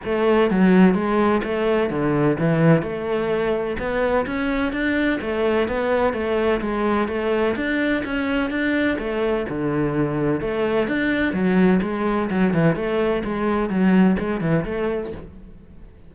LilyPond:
\new Staff \with { instrumentName = "cello" } { \time 4/4 \tempo 4 = 127 a4 fis4 gis4 a4 | d4 e4 a2 | b4 cis'4 d'4 a4 | b4 a4 gis4 a4 |
d'4 cis'4 d'4 a4 | d2 a4 d'4 | fis4 gis4 fis8 e8 a4 | gis4 fis4 gis8 e8 a4 | }